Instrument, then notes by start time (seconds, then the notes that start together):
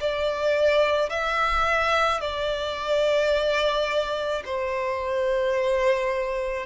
violin
0.00 D5
1.09 E5
2.21 D5
4.45 C5